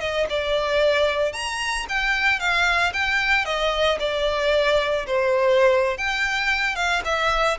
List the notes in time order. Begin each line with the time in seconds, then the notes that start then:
0.00 D#5
0.29 D5
1.33 A#5
1.89 G5
2.39 F5
2.93 G5
3.45 D#5
4.00 D5
5.07 C5
5.98 G5
6.75 F5
7.05 E5